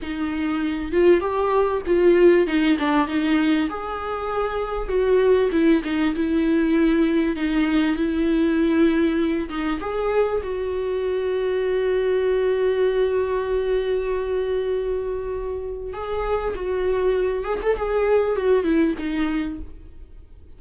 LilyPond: \new Staff \with { instrumentName = "viola" } { \time 4/4 \tempo 4 = 98 dis'4. f'8 g'4 f'4 | dis'8 d'8 dis'4 gis'2 | fis'4 e'8 dis'8 e'2 | dis'4 e'2~ e'8 dis'8 |
gis'4 fis'2.~ | fis'1~ | fis'2 gis'4 fis'4~ | fis'8 gis'16 a'16 gis'4 fis'8 e'8 dis'4 | }